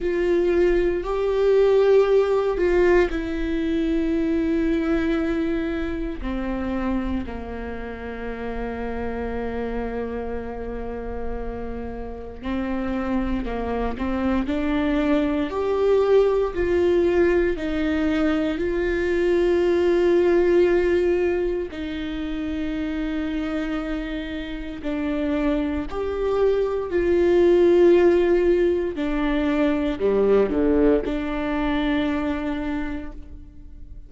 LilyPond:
\new Staff \with { instrumentName = "viola" } { \time 4/4 \tempo 4 = 58 f'4 g'4. f'8 e'4~ | e'2 c'4 ais4~ | ais1 | c'4 ais8 c'8 d'4 g'4 |
f'4 dis'4 f'2~ | f'4 dis'2. | d'4 g'4 f'2 | d'4 g8 d8 d'2 | }